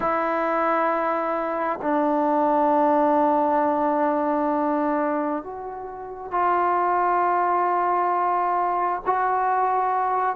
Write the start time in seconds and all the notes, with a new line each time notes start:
0.00 E4
1.82 D4
5.43 F#4
6.31 F4
9.06 F#4